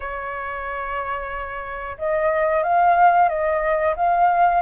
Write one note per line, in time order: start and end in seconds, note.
0.00 1.97 C#5
1.98 2.63 D#5
2.63 3.28 F5
3.28 3.94 D#5
3.96 4.62 F5